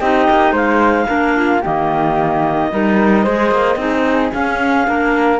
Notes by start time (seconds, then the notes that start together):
0.00 C4 D#4 G4 D#5
0.30 A#3
0.52 G#3 C5 F5
1.06 A#3 D4 A#4
1.36 F4
1.61 D#3 A#3 G4 D#5
2.71 G3 D#4 A#4
3.24 G#3 G#4 C5
3.51 A#3
3.76 C4 D#4 G#4
4.32 C#4 F5
4.85 A#3 D4 A#4